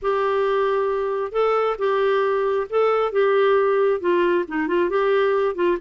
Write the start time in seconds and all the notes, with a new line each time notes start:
0.02 G4
1.32 A4
1.78 G4
2.69 A4
3.12 G4
4.00 F4
4.48 D#4
4.67 F4
4.89 G4
5.55 F4